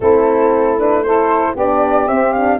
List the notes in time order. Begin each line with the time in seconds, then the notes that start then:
0.00 A3 C4 E4 A4
0.78 D4 B4
1.03 E4 A4 C5
1.53 B3 D4 G4 D5
2.07 C4 E5
2.32 D4 F5